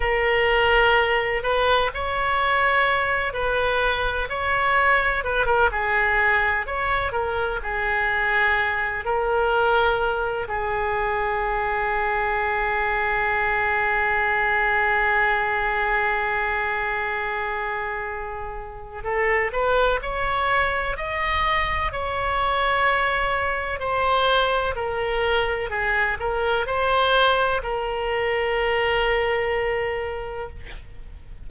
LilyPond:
\new Staff \with { instrumentName = "oboe" } { \time 4/4 \tempo 4 = 63 ais'4. b'8 cis''4. b'8~ | b'8 cis''4 b'16 ais'16 gis'4 cis''8 ais'8 | gis'4. ais'4. gis'4~ | gis'1~ |
gis'1 | a'8 b'8 cis''4 dis''4 cis''4~ | cis''4 c''4 ais'4 gis'8 ais'8 | c''4 ais'2. | }